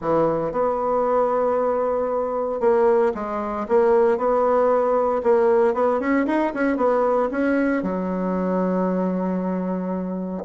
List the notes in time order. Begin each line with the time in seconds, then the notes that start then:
0.01 E3
0.51 B3
2.60 A#3
3.14 G#3
3.68 A#3
4.17 B3
5.23 A#3
5.74 B3
6.00 C#4
6.26 D#4
6.54 C#4
6.77 B3
7.31 C#4
7.83 F#3